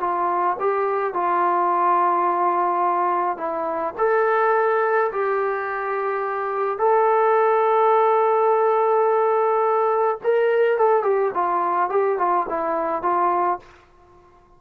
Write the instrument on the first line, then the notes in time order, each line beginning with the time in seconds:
trombone
0.00 F4
0.59 G4
1.13 F4
3.37 E4
3.98 A4
5.12 G4
6.78 A4
10.23 A#4
10.77 A4
11.02 G4
11.34 F4
11.89 G4
12.18 F4
12.49 E4
13.02 F4